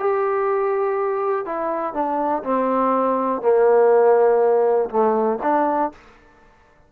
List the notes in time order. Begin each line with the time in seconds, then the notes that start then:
0.00 G4
1.46 E4
1.94 D4
2.44 C4
3.42 A#3
4.90 A3
5.43 D4